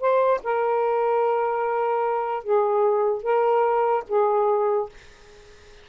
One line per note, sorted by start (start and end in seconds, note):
0.00 0.41 C5
0.43 2.43 A#4
2.43 3.22 G#4
3.22 4.04 A#4
4.08 4.89 G#4